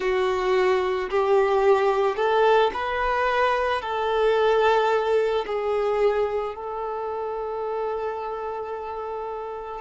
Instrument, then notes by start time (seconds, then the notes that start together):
violin
0.00 F#4
1.10 G4
2.16 A4
2.73 B4
3.81 A4
5.46 G#4
6.55 A4